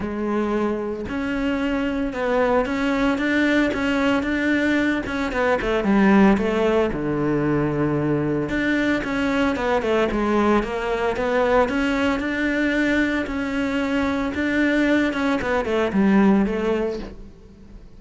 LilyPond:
\new Staff \with { instrumentName = "cello" } { \time 4/4 \tempo 4 = 113 gis2 cis'2 | b4 cis'4 d'4 cis'4 | d'4. cis'8 b8 a8 g4 | a4 d2. |
d'4 cis'4 b8 a8 gis4 | ais4 b4 cis'4 d'4~ | d'4 cis'2 d'4~ | d'8 cis'8 b8 a8 g4 a4 | }